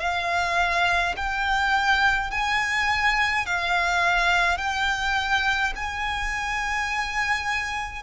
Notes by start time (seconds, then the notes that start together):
0.00 F5
1.17 G5
2.31 G#5
3.46 F5
4.58 G5
5.76 G#5